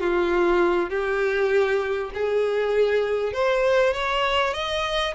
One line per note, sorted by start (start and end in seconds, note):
0.00 0.90 F4
0.90 2.11 G4
2.14 3.33 G#4
3.33 3.93 C5
3.93 4.53 C#5
4.53 5.14 D#5